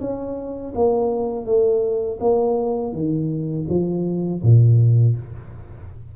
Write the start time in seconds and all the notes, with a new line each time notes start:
0.00 C#4
0.75 A#3
1.45 A3
2.20 A#3
2.92 D#3
3.69 F3
4.42 A#2